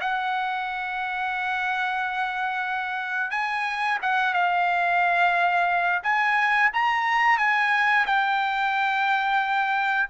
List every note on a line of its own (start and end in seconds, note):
0.00 3.31 F#5
3.31 3.98 G#5
4.02 4.33 F#5
4.33 6.02 F5
6.02 6.70 G#5
6.73 7.38 A#5
7.38 8.05 G#5
8.06 10.08 G5